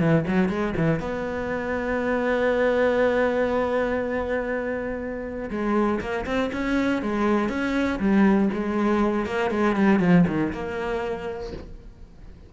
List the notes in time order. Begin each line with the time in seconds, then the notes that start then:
0.00 E3
0.28 F#3
0.49 G#3
0.77 E3
1.00 B3
5.51 G#3
6.01 A#3
6.26 C4
6.53 C#4
7.03 G#3
7.49 C#4
8.00 G3
8.54 G#3
9.26 A#3
9.51 G#3
9.76 G3
10.00 F3
10.28 D#3
10.53 A#3